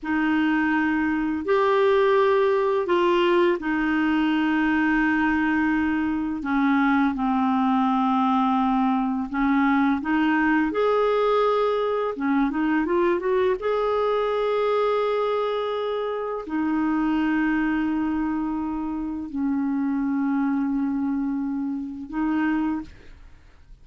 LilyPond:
\new Staff \with { instrumentName = "clarinet" } { \time 4/4 \tempo 4 = 84 dis'2 g'2 | f'4 dis'2.~ | dis'4 cis'4 c'2~ | c'4 cis'4 dis'4 gis'4~ |
gis'4 cis'8 dis'8 f'8 fis'8 gis'4~ | gis'2. dis'4~ | dis'2. cis'4~ | cis'2. dis'4 | }